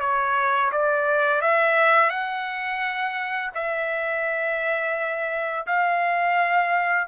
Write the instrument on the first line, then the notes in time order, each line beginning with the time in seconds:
trumpet
0.00 C#5
0.71 D5
1.41 E5
2.09 F#5
3.54 E5
5.66 F5